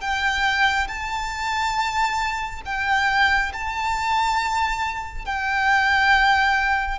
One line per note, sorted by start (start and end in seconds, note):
0.00 0.87 G5
0.87 2.61 A5
2.65 3.52 G5
3.53 5.25 A5
5.25 6.98 G5